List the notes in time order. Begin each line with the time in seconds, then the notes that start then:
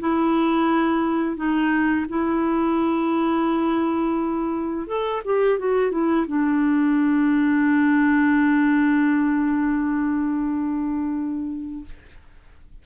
0.00 E4
1.37 D#4
2.09 E4
4.88 A4
5.25 G4
5.59 F#4
5.91 E4
6.27 D4